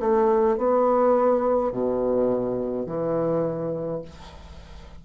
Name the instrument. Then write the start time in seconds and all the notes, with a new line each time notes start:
bassoon
0.00 A3
0.58 B3
1.72 B2
2.86 E3